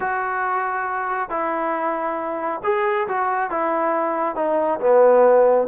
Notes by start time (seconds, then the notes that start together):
0.00 F#4
1.29 E4
2.63 G#4
3.08 F#4
3.50 E4
4.35 D#4
4.80 B3